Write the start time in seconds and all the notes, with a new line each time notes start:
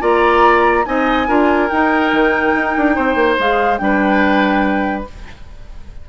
0.00 A#3 F4 D5 A#5
0.85 C4 D#4 D#5 G#5
1.27 D4 F4 A#4
1.68 D#4 G5
2.12 D#3
2.55 D#4
2.77 D4
2.95 C4 C5
3.15 A#3
3.39 G#3 G#4 F5
3.78 G3 D4 B4 G5